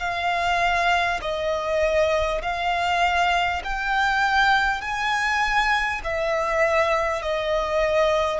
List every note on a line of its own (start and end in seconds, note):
0.00 1.20 F5
1.22 2.42 D#5
2.42 3.62 F5
3.64 4.81 G5
4.81 6.01 G#5
6.04 7.22 E5
7.22 8.40 D#5